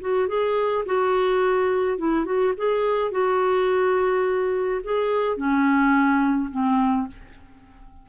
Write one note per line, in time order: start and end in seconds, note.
0.00 0.28 F#4
0.28 0.84 G#4
0.85 1.97 F#4
1.97 2.25 E4
2.25 2.53 F#4
2.57 3.11 G#4
3.11 4.81 F#4
4.83 5.36 G#4
5.36 6.50 C#4
6.51 7.07 C4